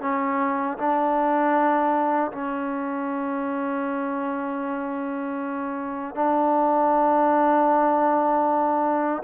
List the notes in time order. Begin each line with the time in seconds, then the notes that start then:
0.00 C#4
0.77 D4
2.31 C#4
6.15 D4